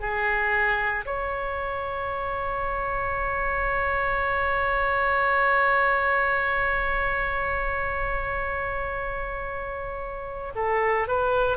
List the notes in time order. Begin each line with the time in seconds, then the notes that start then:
0.00 G#4
1.06 C#5
10.55 A4
11.08 B4